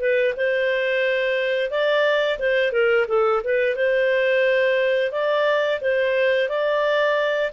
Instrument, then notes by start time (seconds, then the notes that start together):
clarinet
0.00 B4
0.37 C5
1.71 D5
2.39 C5
2.72 A#4
3.08 A4
3.44 B4
3.76 C5
5.12 D5
5.81 C5
6.49 D5